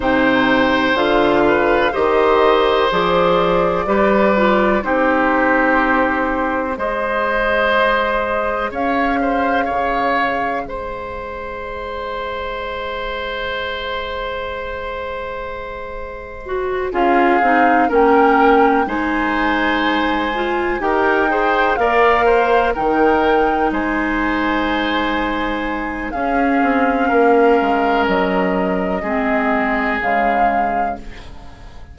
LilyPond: <<
  \new Staff \with { instrumentName = "flute" } { \time 4/4 \tempo 4 = 62 g''4 f''4 dis''4 d''4~ | d''4 c''2 dis''4~ | dis''4 f''2 dis''4~ | dis''1~ |
dis''4. f''4 g''4 gis''8~ | gis''4. g''4 f''4 g''8~ | g''8 gis''2~ gis''8 f''4~ | f''4 dis''2 f''4 | }
  \new Staff \with { instrumentName = "oboe" } { \time 4/4 c''4. b'8 c''2 | b'4 g'2 c''4~ | c''4 cis''8 c''8 cis''4 c''4~ | c''1~ |
c''4. gis'4 ais'4 c''8~ | c''4. ais'8 c''8 d''8 c''8 ais'8~ | ais'8 c''2~ c''8 gis'4 | ais'2 gis'2 | }
  \new Staff \with { instrumentName = "clarinet" } { \time 4/4 dis'4 f'4 g'4 gis'4 | g'8 f'8 dis'2 gis'4~ | gis'1~ | gis'1~ |
gis'4 fis'8 f'8 dis'8 cis'4 dis'8~ | dis'4 f'8 g'8 gis'8 ais'4 dis'8~ | dis'2. cis'4~ | cis'2 c'4 gis4 | }
  \new Staff \with { instrumentName = "bassoon" } { \time 4/4 c4 d4 dis4 f4 | g4 c'2 gis4~ | gis4 cis'4 cis4 gis4~ | gis1~ |
gis4. cis'8 c'8 ais4 gis8~ | gis4. dis'4 ais4 dis8~ | dis8 gis2~ gis8 cis'8 c'8 | ais8 gis8 fis4 gis4 cis4 | }
>>